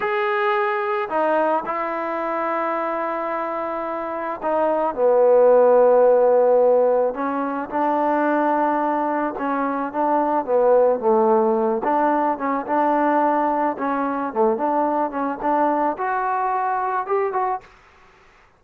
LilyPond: \new Staff \with { instrumentName = "trombone" } { \time 4/4 \tempo 4 = 109 gis'2 dis'4 e'4~ | e'1 | dis'4 b2.~ | b4 cis'4 d'2~ |
d'4 cis'4 d'4 b4 | a4. d'4 cis'8 d'4~ | d'4 cis'4 a8 d'4 cis'8 | d'4 fis'2 g'8 fis'8 | }